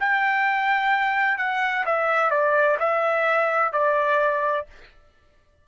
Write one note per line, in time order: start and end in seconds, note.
0.00 1.38 G5
1.38 1.85 F#5
1.86 2.31 E5
2.31 2.78 D5
2.80 3.73 E5
3.73 4.67 D5